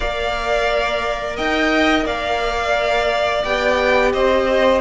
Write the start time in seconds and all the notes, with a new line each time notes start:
0.00 A#3 A#4 D5 F5
1.36 D#4 D#5 G5
2.05 A#3 D5 F5
3.43 B3 G4 G5
4.12 C4 C5 D#5